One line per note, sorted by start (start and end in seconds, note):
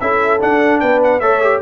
0.00 0.41 C#4
0.00 0.40 E4
0.00 0.81 A4
0.00 0.40 E5
0.40 1.20 D4
0.40 0.82 D4
0.40 0.80 F#5
0.80 1.21 B3
0.80 1.21 B4
0.80 1.00 G5
1.03 1.20 F#5
1.20 1.61 A3
1.20 1.42 A4
1.20 1.61 C#5
1.20 1.60 E5
1.42 1.61 G4